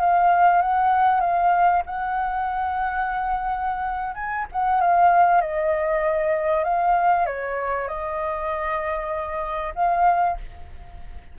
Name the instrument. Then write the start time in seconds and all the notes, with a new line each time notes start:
flute
0.00 F5
0.62 F#5
1.21 F5
1.86 F#5
4.15 G#5
4.52 F#5
4.81 F5
5.41 D#5
6.64 F5
7.26 C#5
7.88 D#5
9.75 F5